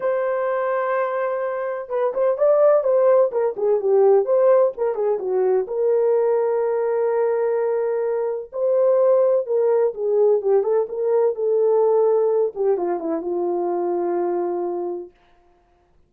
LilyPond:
\new Staff \with { instrumentName = "horn" } { \time 4/4 \tempo 4 = 127 c''1 | b'8 c''8 d''4 c''4 ais'8 gis'8 | g'4 c''4 ais'8 gis'8 fis'4 | ais'1~ |
ais'2 c''2 | ais'4 gis'4 g'8 a'8 ais'4 | a'2~ a'8 g'8 f'8 e'8 | f'1 | }